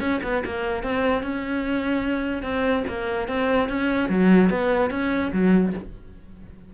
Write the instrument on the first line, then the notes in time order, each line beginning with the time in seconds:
cello
0.00 C#4
0.23 B3
0.45 A#3
0.83 C4
1.23 C#4
2.43 C4
2.88 A#3
3.28 C4
3.69 C#4
4.09 F#3
4.50 B3
4.90 C#4
5.32 F#3